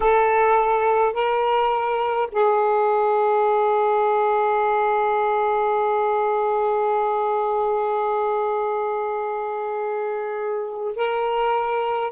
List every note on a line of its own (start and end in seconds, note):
0.00 1.13 A4
1.13 2.28 A#4
2.31 10.96 G#4
10.96 12.11 A#4